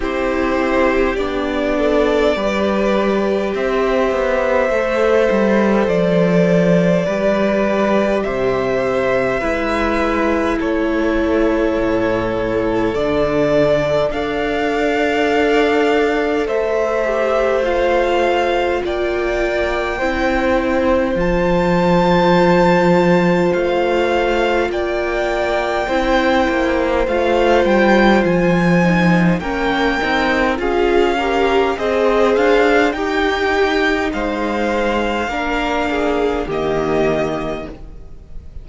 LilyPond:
<<
  \new Staff \with { instrumentName = "violin" } { \time 4/4 \tempo 4 = 51 c''4 d''2 e''4~ | e''4 d''2 e''4~ | e''4 cis''2 d''4 | f''2 e''4 f''4 |
g''2 a''2 | f''4 g''2 f''8 g''8 | gis''4 g''4 f''4 dis''8 f''8 | g''4 f''2 dis''4 | }
  \new Staff \with { instrumentName = "violin" } { \time 4/4 g'4. a'8 b'4 c''4~ | c''2 b'4 c''4 | b'4 a'2. | d''2 c''2 |
d''4 c''2.~ | c''4 d''4 c''2~ | c''4 ais'4 gis'8 ais'8 c''4 | g'4 c''4 ais'8 gis'8 g'4 | }
  \new Staff \with { instrumentName = "viola" } { \time 4/4 e'4 d'4 g'2 | a'2 g'2 | e'2. d'4 | a'2~ a'8 g'8 f'4~ |
f'4 e'4 f'2~ | f'2 e'4 f'4~ | f'8 dis'8 cis'8 dis'8 f'8 g'8 gis'4 | dis'2 d'4 ais4 | }
  \new Staff \with { instrumentName = "cello" } { \time 4/4 c'4 b4 g4 c'8 b8 | a8 g8 f4 g4 c4 | gis4 a4 a,4 d4 | d'2 a2 |
ais4 c'4 f2 | a4 ais4 c'8 ais8 a8 g8 | f4 ais8 c'8 cis'4 c'8 d'8 | dis'4 gis4 ais4 dis4 | }
>>